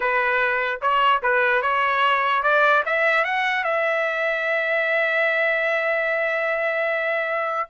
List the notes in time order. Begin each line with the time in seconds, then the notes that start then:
0.00 B4
0.81 C#5
1.22 B4
1.62 C#5
2.43 D5
2.85 E5
3.24 F#5
3.64 E5